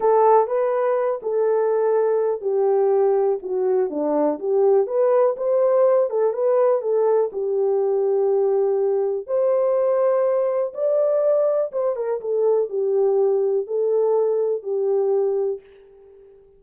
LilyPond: \new Staff \with { instrumentName = "horn" } { \time 4/4 \tempo 4 = 123 a'4 b'4. a'4.~ | a'4 g'2 fis'4 | d'4 g'4 b'4 c''4~ | c''8 a'8 b'4 a'4 g'4~ |
g'2. c''4~ | c''2 d''2 | c''8 ais'8 a'4 g'2 | a'2 g'2 | }